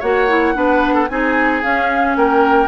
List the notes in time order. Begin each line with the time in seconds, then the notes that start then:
0.00 A#3 F#4 C#5 F#5
0.29 E4
0.55 B3 D4 B4
0.95 A4
1.09 C4 D#4 G#4 G#5
1.62 C#4 F5
2.17 A#3 A#4 G5